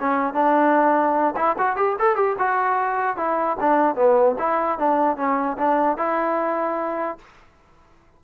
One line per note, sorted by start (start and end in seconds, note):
0.00 0.34 C#4
0.34 1.35 D4
1.36 1.56 E4
1.58 1.76 F#4
1.76 1.97 G4
2.00 2.16 A4
2.16 2.36 G4
2.39 3.17 F#4
3.17 3.57 E4
3.60 3.96 D4
3.96 4.36 B3
4.39 4.79 E4
4.79 5.17 D4
5.17 5.57 C#4
5.58 5.98 D4
5.98 7.19 E4